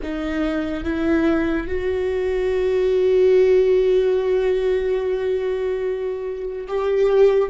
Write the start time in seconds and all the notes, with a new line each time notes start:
0.02 D#4
0.83 E4
1.67 F#4
6.67 G4